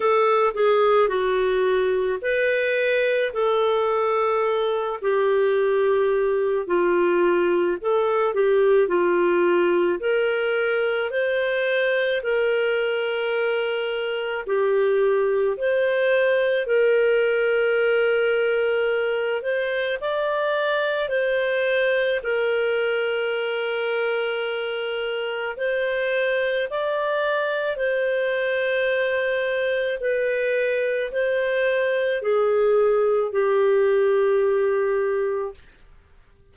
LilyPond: \new Staff \with { instrumentName = "clarinet" } { \time 4/4 \tempo 4 = 54 a'8 gis'8 fis'4 b'4 a'4~ | a'8 g'4. f'4 a'8 g'8 | f'4 ais'4 c''4 ais'4~ | ais'4 g'4 c''4 ais'4~ |
ais'4. c''8 d''4 c''4 | ais'2. c''4 | d''4 c''2 b'4 | c''4 gis'4 g'2 | }